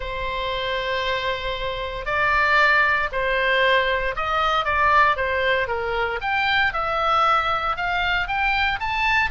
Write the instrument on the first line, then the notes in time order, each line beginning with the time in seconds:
oboe
0.00 C5
2.05 D5
3.12 C5
4.15 D#5
4.64 D5
5.16 C5
5.67 A#4
6.21 G5
6.73 E5
7.76 F5
8.27 G5
8.79 A5